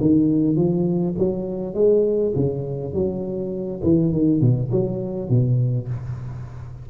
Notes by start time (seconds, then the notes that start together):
0.00 D#3
0.56 F3
1.18 F#3
1.74 G#3
2.35 C#3
2.93 F#3
3.83 E3
4.12 D#3
4.40 B2
4.71 F#3
5.29 B2